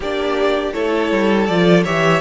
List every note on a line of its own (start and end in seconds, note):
0.00 0.73 A#3
0.00 0.73 D4
0.00 0.73 G4
0.00 0.73 D5
0.73 1.11 A3
0.73 1.47 E4
0.73 1.84 A4
0.73 1.46 C#5
1.11 1.48 G3
1.46 1.85 F3
1.46 1.85 F4
1.46 1.83 D5
1.84 2.20 E3
1.84 2.20 G4
1.84 2.20 C#5
1.84 2.20 E5